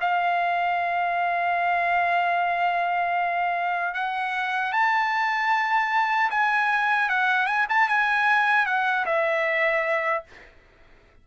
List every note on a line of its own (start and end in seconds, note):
0.00 3.94 F5
3.94 4.72 F#5
4.72 6.30 A5
6.30 7.09 G#5
7.09 7.46 F#5
7.46 7.66 G#5
7.69 7.88 A5
7.88 8.66 G#5
8.66 9.05 F#5
9.05 10.24 E5